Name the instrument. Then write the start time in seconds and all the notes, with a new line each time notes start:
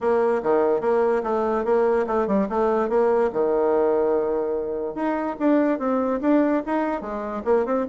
bassoon
0.00 A#3
0.43 D#3
0.81 A#3
1.23 A3
1.64 A#3
2.07 A3
2.27 G3
2.49 A3
2.89 A#3
3.33 D#3
4.94 D#4
5.39 D4
5.78 C4
6.21 D4
6.65 D#4
7.01 G#3
7.44 A#3
7.65 C4